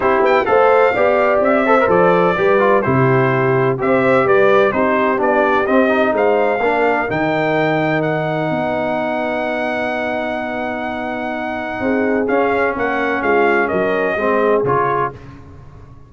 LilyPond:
<<
  \new Staff \with { instrumentName = "trumpet" } { \time 4/4 \tempo 4 = 127 c''8 g''8 f''2 e''4 | d''2 c''2 | e''4 d''4 c''4 d''4 | dis''4 f''2 g''4~ |
g''4 fis''2.~ | fis''1~ | fis''2 f''4 fis''4 | f''4 dis''2 cis''4 | }
  \new Staff \with { instrumentName = "horn" } { \time 4/4 g'4 c''4 d''4. c''8~ | c''4 b'4 g'2 | c''4 b'4 g'2~ | g'4 c''4 ais'2~ |
ais'2 b'2~ | b'1~ | b'4 gis'2 ais'4 | f'4 ais'4 gis'2 | }
  \new Staff \with { instrumentName = "trombone" } { \time 4/4 e'4 a'4 g'4. a'16 ais'16 | a'4 g'8 f'8 e'2 | g'2 dis'4 d'4 | c'8 dis'4. d'4 dis'4~ |
dis'1~ | dis'1~ | dis'2 cis'2~ | cis'2 c'4 f'4 | }
  \new Staff \with { instrumentName = "tuba" } { \time 4/4 c'8 b8 a4 b4 c'4 | f4 g4 c2 | c'4 g4 c'4 b4 | c'4 gis4 ais4 dis4~ |
dis2 b2~ | b1~ | b4 c'4 cis'4 ais4 | gis4 fis4 gis4 cis4 | }
>>